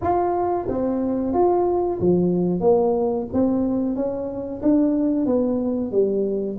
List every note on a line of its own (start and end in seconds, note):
0.01 0.67 F4
0.68 1.33 C4
1.33 1.99 F4
1.99 2.60 F3
2.60 3.26 A#3
3.33 3.95 C4
3.95 4.61 C#4
4.62 5.25 D4
5.25 5.91 B3
5.91 6.57 G3